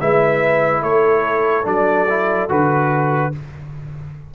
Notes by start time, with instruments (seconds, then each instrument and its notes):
0.00 tuba G#3, trombone E4, horn B4, trumpet E5
0.82 tuba A3, horn A4, trumpet C#5
1.64 tuba F#3, trombone D4, trumpet D5
2.09 trombone E4
2.49 tuba D3, trombone F#4, trumpet B4